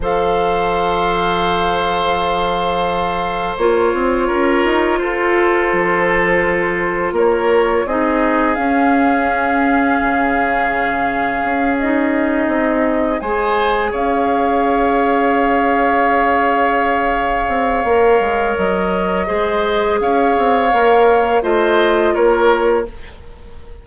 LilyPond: <<
  \new Staff \with { instrumentName = "flute" } { \time 4/4 \tempo 4 = 84 f''1~ | f''4 cis''2 c''4~ | c''2 cis''4 dis''4 | f''1~ |
f''8 dis''2 gis''4 f''8~ | f''1~ | f''2 dis''2 | f''2 dis''4 cis''4 | }
  \new Staff \with { instrumentName = "oboe" } { \time 4/4 c''1~ | c''2 ais'4 a'4~ | a'2 ais'4 gis'4~ | gis'1~ |
gis'2~ gis'8 c''4 cis''8~ | cis''1~ | cis''2. c''4 | cis''2 c''4 ais'4 | }
  \new Staff \with { instrumentName = "clarinet" } { \time 4/4 a'1~ | a'4 f'2.~ | f'2. dis'4 | cis'1~ |
cis'8 dis'2 gis'4.~ | gis'1~ | gis'4 ais'2 gis'4~ | gis'4 ais'4 f'2 | }
  \new Staff \with { instrumentName = "bassoon" } { \time 4/4 f1~ | f4 ais8 c'8 cis'8 dis'8 f'4 | f2 ais4 c'4 | cis'2 cis2 |
cis'4. c'4 gis4 cis'8~ | cis'1~ | cis'8 c'8 ais8 gis8 fis4 gis4 | cis'8 c'8 ais4 a4 ais4 | }
>>